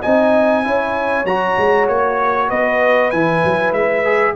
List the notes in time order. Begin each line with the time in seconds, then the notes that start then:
0.00 C4 D#4 D#5 G#5
0.64 C#4 E4 C#5
1.24 F#3 F#4 A#5
1.57 G#3
1.88 A#3 C#5
2.48 B3 B4 D#5
3.11 E3 E4 G#5
3.44 F#3
3.72 G#3 E5
4.05 G#4